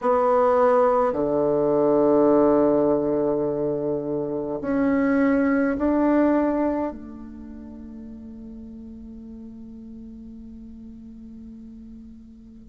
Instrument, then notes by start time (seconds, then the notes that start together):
bassoon
0.01 B3
1.13 D3
4.61 C#4
5.77 D4
6.92 A3